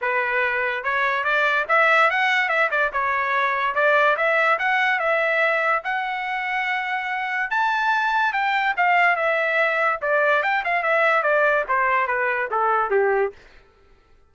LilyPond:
\new Staff \with { instrumentName = "trumpet" } { \time 4/4 \tempo 4 = 144 b'2 cis''4 d''4 | e''4 fis''4 e''8 d''8 cis''4~ | cis''4 d''4 e''4 fis''4 | e''2 fis''2~ |
fis''2 a''2 | g''4 f''4 e''2 | d''4 g''8 f''8 e''4 d''4 | c''4 b'4 a'4 g'4 | }